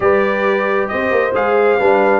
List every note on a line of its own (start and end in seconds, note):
0.00 0.89 G3
0.00 1.30 G4
0.00 0.90 B4
0.00 0.88 D5
0.88 1.11 C4
0.88 1.79 C5
0.88 1.32 D#5
1.11 1.33 A#3
1.33 1.78 G#3
1.33 1.78 G#4
1.33 2.20 F5
1.79 2.20 G3
1.79 2.20 D4
1.79 2.20 B4